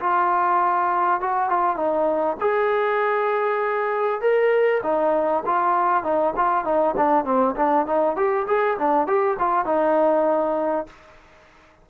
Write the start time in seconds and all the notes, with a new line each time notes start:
0.00 F4
1.21 F#4
1.50 F4
1.77 D#4
2.40 G#4
4.21 A#4
4.83 D#4
5.46 F4
6.04 D#4
6.37 F4
6.65 D#4
6.97 D4
7.25 C4
7.56 D4
7.87 D#4
8.17 G4
8.48 G#4
8.79 D4
9.07 G4
9.40 F4
9.66 D#4